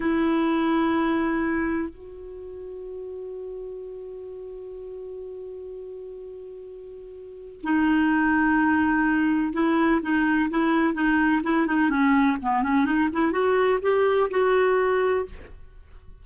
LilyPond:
\new Staff \with { instrumentName = "clarinet" } { \time 4/4 \tempo 4 = 126 e'1 | fis'1~ | fis'1~ | fis'1 |
dis'1 | e'4 dis'4 e'4 dis'4 | e'8 dis'8 cis'4 b8 cis'8 dis'8 e'8 | fis'4 g'4 fis'2 | }